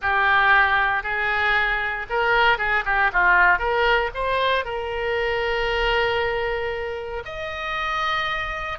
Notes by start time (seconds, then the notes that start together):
0.01 G4
1.03 G#4
2.09 A#4
2.58 G#4
2.85 G4
3.12 F4
3.58 A#4
4.14 C5
4.64 A#4
7.25 D#5